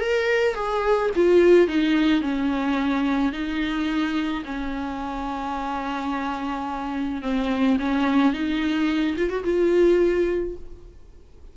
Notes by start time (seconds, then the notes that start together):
0.00 A#4
0.55 G#4
1.16 F4
1.67 D#4
2.21 C#4
3.33 D#4
4.45 C#4
7.22 C4
7.79 C#4
8.33 D#4
9.17 F4
9.30 F#4
9.44 F4